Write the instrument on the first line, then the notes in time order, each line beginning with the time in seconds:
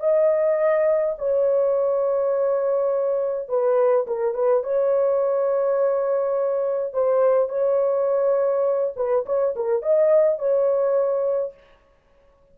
horn
0.00 D#5
1.18 C#5
3.49 B4
4.07 A#4
4.35 B4
4.64 C#5
6.93 C5
7.49 C#5
8.96 B4
9.26 C#5
9.56 A#4
9.83 D#5
10.39 C#5